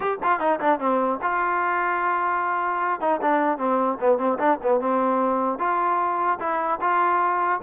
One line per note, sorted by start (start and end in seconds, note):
0.00 0.17 G4
0.23 0.39 F4
0.39 0.59 D#4
0.60 0.79 D4
0.79 1.19 C4
1.21 3.00 F4
3.00 3.20 D#4
3.21 3.58 D4
3.58 3.98 C4
4.00 4.17 B3
4.17 4.37 C4
4.38 4.58 D4
4.62 4.80 B3
4.80 5.58 C4
5.58 6.38 F4
6.39 6.79 E4
6.80 7.60 F4